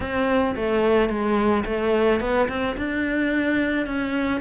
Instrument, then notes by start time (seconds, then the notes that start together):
cello
0.00 C4
0.55 A3
1.09 G#3
1.65 A3
2.20 B3
2.48 C4
2.77 D4
3.86 C#4